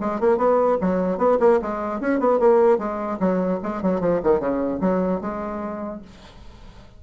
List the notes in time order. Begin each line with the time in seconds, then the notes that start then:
0.00 G#3
0.20 A#3
0.37 B3
0.81 F#3
1.18 B3
1.40 A#3
1.62 G#3
2.00 C#4
2.20 B3
2.39 A#3
2.78 G#3
3.19 F#3
3.63 G#3
3.82 F#3
4.00 F3
4.23 D#3
4.40 C#3
4.80 F#3
5.21 G#3